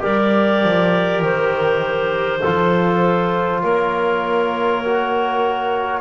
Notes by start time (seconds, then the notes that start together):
0.00 G3 G4 A#4 D5
0.64 F3
1.22 D#3 C5
2.41 F3 F4 A4
3.62 A#3 A#4 C#5
4.85 F#4